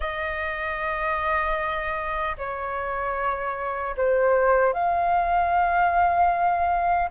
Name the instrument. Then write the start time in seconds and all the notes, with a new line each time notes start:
flute
0.00 D#5
2.37 C#5
3.96 C5
4.73 F5